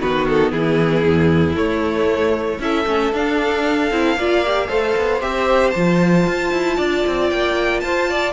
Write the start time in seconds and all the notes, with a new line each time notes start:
0.00 D#3 B3 F#4 B4
0.28 A4
0.51 E3 E4 G#4
1.03 E2
1.54 A3 C#5
2.59 C#4 E4 A4 E5
2.86 A3 C#4
3.12 D4 F5
3.90 C4 E4
4.16 A#3 F4 D5
4.45 G4
4.67 A3 A4 C5
4.96 B3
5.20 C4 G4 E5
5.70 F3 F4 A5
6.26 F4
6.52 E4
6.77 D4 D5
7.06 C4
7.30 A#3 G5
7.80 F4 C5 A5
8.09 D5